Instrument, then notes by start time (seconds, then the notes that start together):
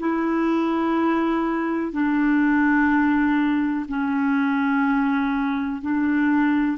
clarinet
0.00 E4
1.93 D4
3.88 C#4
5.82 D4